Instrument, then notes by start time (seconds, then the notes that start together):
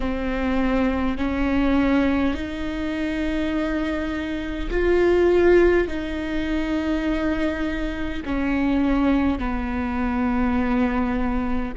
viola
0.00 C4
1.17 C#4
2.34 D#4
4.70 F4
5.87 D#4
8.25 C#4
9.39 B3